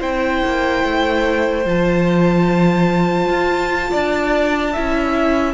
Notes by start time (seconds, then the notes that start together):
0.00 C4 E4 C5 G5
0.45 A#3
0.84 A3
1.65 F3 F4 A5
3.28 F4
3.91 D4 D5
4.73 C#4 E4 E5